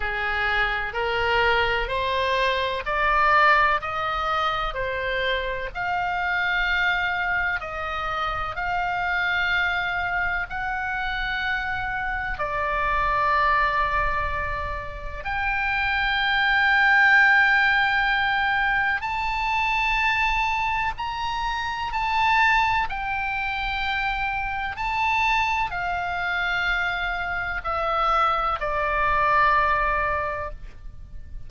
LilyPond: \new Staff \with { instrumentName = "oboe" } { \time 4/4 \tempo 4 = 63 gis'4 ais'4 c''4 d''4 | dis''4 c''4 f''2 | dis''4 f''2 fis''4~ | fis''4 d''2. |
g''1 | a''2 ais''4 a''4 | g''2 a''4 f''4~ | f''4 e''4 d''2 | }